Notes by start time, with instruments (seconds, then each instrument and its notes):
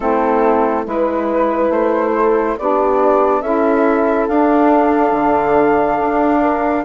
0.00 bassoon A3, saxophone C4, horn E4, flute A4
0.84 bassoon G#3, saxophone E4, horn B4, flute B4
1.69 bassoon A3, flute C5
2.15 horn A4
2.58 bassoon B3, saxophone D4, horn G4, flute D5
3.41 bassoon C#4, saxophone E4, horn A4, flute E5
4.27 bassoon D4, saxophone D4, flute F5
5.11 bassoon D3
6.00 bassoon D4
6.41 horn A#4